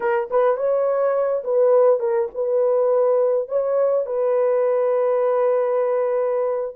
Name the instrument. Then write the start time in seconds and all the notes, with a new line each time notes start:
horn
0.00 A#4
0.30 B4
0.56 C#5
1.44 B4
1.99 A#4
2.34 B4
3.48 C#5
4.05 B4